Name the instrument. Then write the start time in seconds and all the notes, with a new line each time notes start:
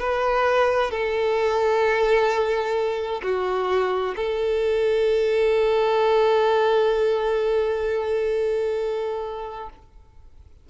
violin
0.00 B4
0.91 A4
3.23 F#4
4.16 A4